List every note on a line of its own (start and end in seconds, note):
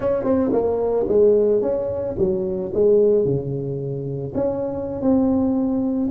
0.00 0.24 C#4
0.24 0.51 C4
0.52 1.06 A#3
1.08 1.61 G#3
1.61 2.15 C#4
2.18 2.72 F#3
2.74 3.25 G#3
3.25 4.33 C#3
4.34 5.01 C#4
5.01 6.09 C4